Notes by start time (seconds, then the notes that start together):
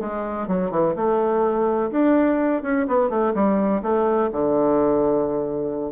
0.00 G#3
0.47 F#3
0.71 E3
0.95 A3
1.91 D4
2.62 C#4
2.87 B3
3.09 A3
3.34 G3
3.82 A3
4.32 D3